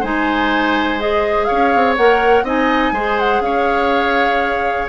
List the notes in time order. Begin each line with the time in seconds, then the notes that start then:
0.00 G#3 D#4 C5 G#5
0.99 G#4 D#5
1.45 C#4 C#5 F5
1.75 C4
1.96 A#3 A#4 F#5
2.42 C4 D#4 D#5 G#5
2.91 G#3 G#4 C5
3.19 F#5
3.40 C#4 C#5 F5